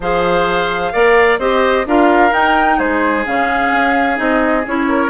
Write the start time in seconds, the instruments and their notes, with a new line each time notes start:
0.00 bassoon F3, clarinet G#4, oboe C5, flute F5
0.92 bassoon A#3, clarinet A#4, oboe D5
1.38 bassoon C4, clarinet G4, oboe C5, flute D#5
1.85 bassoon D4, clarinet F4, oboe A#4, flute F5
2.31 clarinet D#4, bassoon D#4, flute G5
2.77 bassoon G#3, oboe G#4, flute C5
3.25 bassoon C#3, clarinet C#4, flute F5
3.71 bassoon C#4
4.15 bassoon C4, clarinet D#4, flute D#5
4.66 bassoon C#4, clarinet E4, flute C#5
4.88 oboe A#4